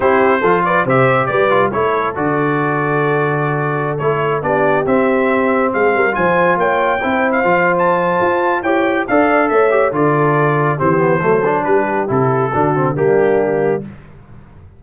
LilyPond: <<
  \new Staff \with { instrumentName = "trumpet" } { \time 4/4 \tempo 4 = 139 c''4. d''8 e''4 d''4 | cis''4 d''2.~ | d''4~ d''16 cis''4 d''4 e''8.~ | e''4~ e''16 f''4 gis''4 g''8.~ |
g''4 f''4 a''2 | g''4 f''4 e''4 d''4~ | d''4 c''2 b'4 | a'2 g'2 | }
  \new Staff \with { instrumentName = "horn" } { \time 4/4 g'4 a'8 b'8 c''4 b'4 | a'1~ | a'2~ a'16 g'4.~ g'16~ | g'4~ g'16 gis'8 ais'8 c''4 cis''8.~ |
cis''16 c''2.~ c''8. | cis''4 d''4 cis''4 a'4~ | a'4 g'4 a'4 g'4~ | g'4 fis'4 d'2 | }
  \new Staff \with { instrumentName = "trombone" } { \time 4/4 e'4 f'4 g'4. f'8 | e'4 fis'2.~ | fis'4~ fis'16 e'4 d'4 c'8.~ | c'2~ c'16 f'4.~ f'16~ |
f'16 e'4 f'2~ f'8. | g'4 a'4. g'8 f'4~ | f'4 c'8 b8 a8 d'4. | e'4 d'8 c'8 ais2 | }
  \new Staff \with { instrumentName = "tuba" } { \time 4/4 c'4 f4 c4 g4 | a4 d2.~ | d4~ d16 a4 b4 c'8.~ | c'4~ c'16 gis8 g8 f4 ais8.~ |
ais16 c'4 f4.~ f16 f'4 | e'4 d'4 a4 d4~ | d4 e4 fis4 g4 | c4 d4 g2 | }
>>